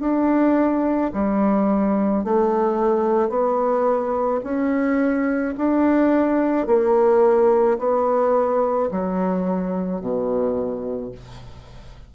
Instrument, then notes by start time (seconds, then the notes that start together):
bassoon
0.00 D4
1.13 G3
2.24 A3
3.29 B3
4.43 C#4
5.58 D4
6.67 A#3
7.79 B3
8.91 F#3
10.01 B2